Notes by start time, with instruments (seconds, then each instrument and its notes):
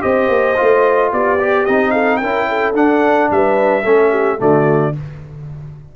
0.00 tuba C4, trombone G4, horn C5, trumpet D#5
0.28 tuba A#3
0.56 tuba A3, trombone F4
1.12 tuba B3, horn G4, trumpet D5
1.40 trombone G4
1.65 tuba C4, trombone D#4, trumpet D#5
1.90 horn A4, trumpet F5
2.16 tuba C#4, trombone E4, horn A#4, trumpet G5
2.48 horn A4
2.73 trombone D4, tuba D4, trumpet F#5
3.30 tuba G3, horn B4, trumpet E5
3.83 tuba A3, trombone C#4, horn A4
4.10 horn G4
4.38 tuba D3, trombone A3, horn F#4, trumpet D5